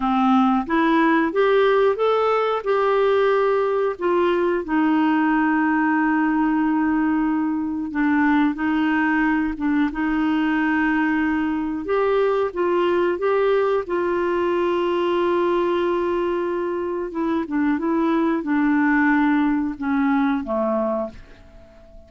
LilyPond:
\new Staff \with { instrumentName = "clarinet" } { \time 4/4 \tempo 4 = 91 c'4 e'4 g'4 a'4 | g'2 f'4 dis'4~ | dis'1 | d'4 dis'4. d'8 dis'4~ |
dis'2 g'4 f'4 | g'4 f'2.~ | f'2 e'8 d'8 e'4 | d'2 cis'4 a4 | }